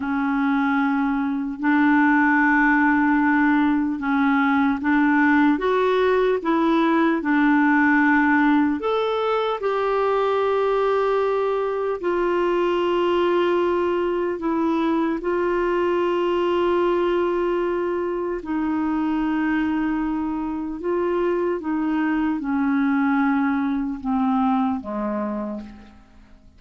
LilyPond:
\new Staff \with { instrumentName = "clarinet" } { \time 4/4 \tempo 4 = 75 cis'2 d'2~ | d'4 cis'4 d'4 fis'4 | e'4 d'2 a'4 | g'2. f'4~ |
f'2 e'4 f'4~ | f'2. dis'4~ | dis'2 f'4 dis'4 | cis'2 c'4 gis4 | }